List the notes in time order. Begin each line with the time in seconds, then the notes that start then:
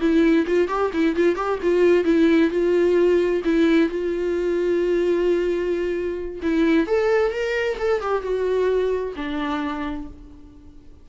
0.00 E4
0.47 F4
0.68 G4
0.93 E4
1.16 F4
1.36 G4
1.63 F4
2.04 E4
2.50 F4
3.45 E4
3.89 F4
6.42 E4
6.87 A4
7.32 A#4
7.79 A4
8.01 G4
8.22 F#4
9.16 D4